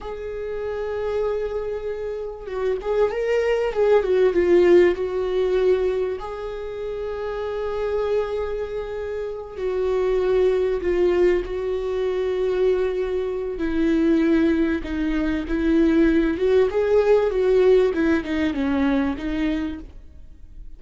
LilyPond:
\new Staff \with { instrumentName = "viola" } { \time 4/4 \tempo 4 = 97 gis'1 | fis'8 gis'8 ais'4 gis'8 fis'8 f'4 | fis'2 gis'2~ | gis'2.~ gis'8 fis'8~ |
fis'4. f'4 fis'4.~ | fis'2 e'2 | dis'4 e'4. fis'8 gis'4 | fis'4 e'8 dis'8 cis'4 dis'4 | }